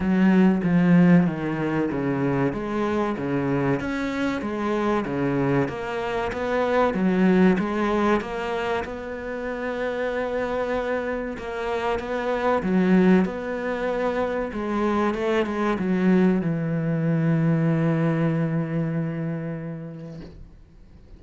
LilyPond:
\new Staff \with { instrumentName = "cello" } { \time 4/4 \tempo 4 = 95 fis4 f4 dis4 cis4 | gis4 cis4 cis'4 gis4 | cis4 ais4 b4 fis4 | gis4 ais4 b2~ |
b2 ais4 b4 | fis4 b2 gis4 | a8 gis8 fis4 e2~ | e1 | }